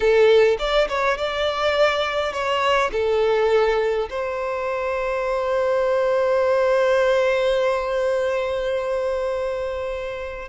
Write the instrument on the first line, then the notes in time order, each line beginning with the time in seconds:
violin
0.00 A4
0.59 D5
0.88 C#5
1.17 D5
2.32 C#5
2.92 A4
4.09 C5